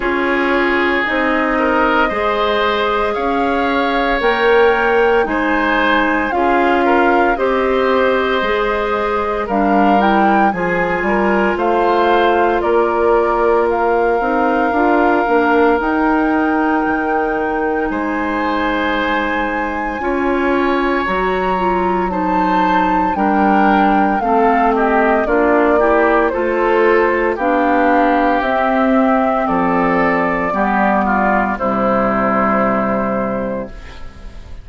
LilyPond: <<
  \new Staff \with { instrumentName = "flute" } { \time 4/4 \tempo 4 = 57 cis''4 dis''2 f''4 | g''4 gis''4 f''4 dis''4~ | dis''4 f''8 g''8 gis''4 f''4 | d''4 f''2 g''4~ |
g''4 gis''2. | ais''4 a''4 g''4 f''8 dis''8 | d''4 c''4 f''4 e''4 | d''2 c''2 | }
  \new Staff \with { instrumentName = "oboe" } { \time 4/4 gis'4. ais'8 c''4 cis''4~ | cis''4 c''4 gis'8 ais'8 c''4~ | c''4 ais'4 gis'8 ais'8 c''4 | ais'1~ |
ais'4 c''2 cis''4~ | cis''4 c''4 ais'4 a'8 g'8 | f'8 g'8 a'4 g'2 | a'4 g'8 f'8 e'2 | }
  \new Staff \with { instrumentName = "clarinet" } { \time 4/4 f'4 dis'4 gis'2 | ais'4 dis'4 f'4 g'4 | gis'4 d'8 e'8 f'2~ | f'4. dis'8 f'8 d'8 dis'4~ |
dis'2. f'4 | fis'8 f'8 dis'4 d'4 c'4 | d'8 e'8 f'4 d'4 c'4~ | c'4 b4 g2 | }
  \new Staff \with { instrumentName = "bassoon" } { \time 4/4 cis'4 c'4 gis4 cis'4 | ais4 gis4 cis'4 c'4 | gis4 g4 f8 g8 a4 | ais4. c'8 d'8 ais8 dis'4 |
dis4 gis2 cis'4 | fis2 g4 a4 | ais4 a4 b4 c'4 | f4 g4 c2 | }
>>